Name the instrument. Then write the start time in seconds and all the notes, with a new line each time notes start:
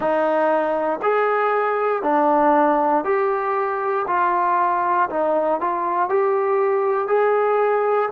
trombone
0.00 D#4
1.02 G#4
2.02 D4
3.04 G4
4.07 F4
5.09 D#4
5.60 F4
6.09 G4
7.07 G#4